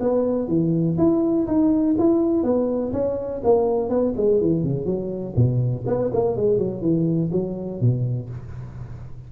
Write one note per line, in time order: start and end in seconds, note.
0.00 0.48 B3
0.48 0.96 E3
0.98 1.47 E4
1.47 1.96 D#4
1.99 2.43 E4
2.43 2.92 B3
2.93 3.41 C#4
3.44 3.89 A#3
3.89 4.14 B3
4.17 4.41 G#3
4.41 4.63 E3
4.63 4.85 C#3
4.85 5.34 F#3
5.36 5.85 B2
5.87 6.11 B3
6.13 6.36 A#3
6.36 6.58 G#3
6.58 6.82 F#3
6.82 7.30 E3
7.32 7.80 F#3
7.81 8.29 B2